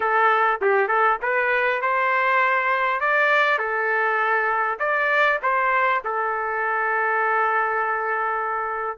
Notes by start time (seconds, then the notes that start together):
0.00 A4
0.61 G4
0.88 A4
1.22 B4
1.81 C5
3.00 D5
3.58 A4
4.79 D5
5.42 C5
6.04 A4